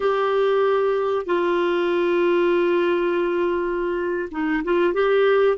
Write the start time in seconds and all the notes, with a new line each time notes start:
0.00 G4
1.26 F4
4.31 D#4
4.63 F4
4.93 G4